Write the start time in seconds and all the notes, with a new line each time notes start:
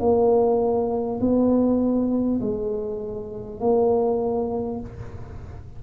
0.00 A#3
1.21 B3
2.41 G#3
3.61 A#3